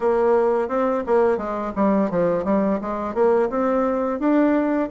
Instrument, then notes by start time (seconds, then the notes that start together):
bassoon
0.00 A#3
0.68 C4
1.06 A#3
1.37 G#3
1.75 G3
2.10 F3
2.44 G3
2.81 G#3
3.14 A#3
3.49 C4
4.19 D4